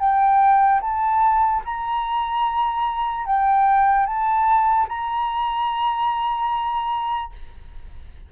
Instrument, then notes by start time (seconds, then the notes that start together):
flute
0.00 G5
0.82 A5
1.65 A#5
3.26 G5
4.07 A5
4.89 A#5